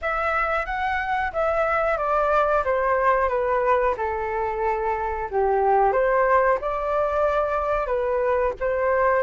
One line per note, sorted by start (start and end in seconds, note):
0.01 0.65 E5
0.65 1.31 F#5
1.32 1.98 E5
1.98 2.63 D5
2.64 3.28 C5
3.28 3.94 B4
3.97 5.29 A4
5.30 5.92 G4
5.92 6.58 C5
6.60 7.86 D5
7.86 8.52 B4
8.60 9.22 C5